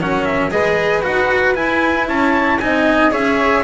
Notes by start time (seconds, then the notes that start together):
0.00 F#3 C#4 A#4 F#5
0.25 E5
0.51 G#3 G#4 B4 D#5
1.03 D#4 F#4 F#5
1.55 E4 G#5
2.09 C#4 C#5 A5
2.60 C4 D#4 D#5 G#5
3.11 C#4 G#4 C#5 E5